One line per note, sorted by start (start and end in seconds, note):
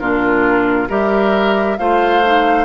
0.00 0.89 A#2
0.00 0.89 D4
0.00 0.89 F4
0.00 0.88 A#4
0.89 1.78 G3
0.89 1.77 G4
0.89 1.77 A#4
0.89 1.78 E5
1.78 2.65 A3
1.78 2.24 F4
1.78 2.65 C5
1.78 2.65 F5
2.24 2.65 D#4